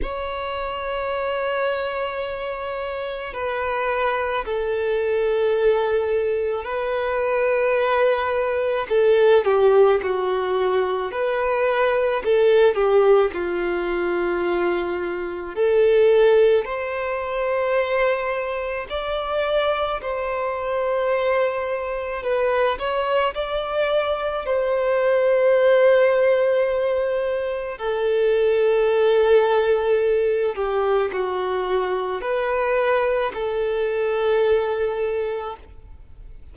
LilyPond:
\new Staff \with { instrumentName = "violin" } { \time 4/4 \tempo 4 = 54 cis''2. b'4 | a'2 b'2 | a'8 g'8 fis'4 b'4 a'8 g'8 | f'2 a'4 c''4~ |
c''4 d''4 c''2 | b'8 cis''8 d''4 c''2~ | c''4 a'2~ a'8 g'8 | fis'4 b'4 a'2 | }